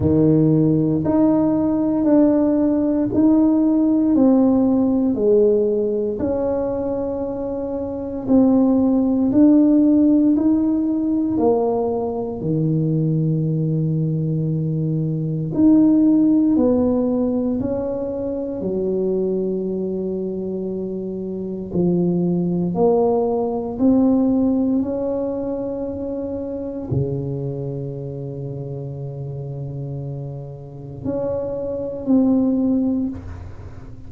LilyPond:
\new Staff \with { instrumentName = "tuba" } { \time 4/4 \tempo 4 = 58 dis4 dis'4 d'4 dis'4 | c'4 gis4 cis'2 | c'4 d'4 dis'4 ais4 | dis2. dis'4 |
b4 cis'4 fis2~ | fis4 f4 ais4 c'4 | cis'2 cis2~ | cis2 cis'4 c'4 | }